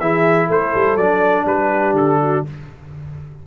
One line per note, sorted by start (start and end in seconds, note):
0.00 0.50 E3
0.00 0.99 E4
0.00 0.47 G#4
0.00 0.49 E5
0.47 0.74 A3
0.47 1.44 A4
0.47 0.97 C5
0.75 0.96 G3
0.96 1.45 F#3
0.96 2.47 D4
0.96 1.46 D5
1.46 1.93 G3
1.46 2.21 G4
1.46 1.96 B4
1.93 2.42 D3
1.93 2.45 A4
2.21 2.46 F#4